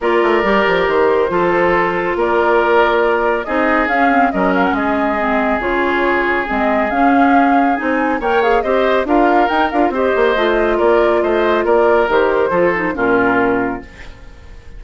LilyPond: <<
  \new Staff \with { instrumentName = "flute" } { \time 4/4 \tempo 4 = 139 d''2 c''2~ | c''4 d''2. | dis''4 f''4 dis''8 f''16 fis''16 dis''4~ | dis''4 cis''2 dis''4 |
f''2 gis''4 g''8 f''8 | dis''4 f''4 g''8 f''8 dis''4~ | dis''4 d''4 dis''4 d''4 | c''2 ais'2 | }
  \new Staff \with { instrumentName = "oboe" } { \time 4/4 ais'2. a'4~ | a'4 ais'2. | gis'2 ais'4 gis'4~ | gis'1~ |
gis'2. cis''4 | c''4 ais'2 c''4~ | c''4 ais'4 c''4 ais'4~ | ais'4 a'4 f'2 | }
  \new Staff \with { instrumentName = "clarinet" } { \time 4/4 f'4 g'2 f'4~ | f'1 | dis'4 cis'8 c'8 cis'2 | c'4 f'2 c'4 |
cis'2 dis'4 ais'8 gis'8 | g'4 f'4 dis'8 f'8 g'4 | f'1 | g'4 f'8 dis'8 cis'2 | }
  \new Staff \with { instrumentName = "bassoon" } { \time 4/4 ais8 a8 g8 f8 dis4 f4~ | f4 ais2. | c'4 cis'4 fis4 gis4~ | gis4 cis2 gis4 |
cis'2 c'4 ais4 | c'4 d'4 dis'8 d'8 c'8 ais8 | a4 ais4 a4 ais4 | dis4 f4 ais,2 | }
>>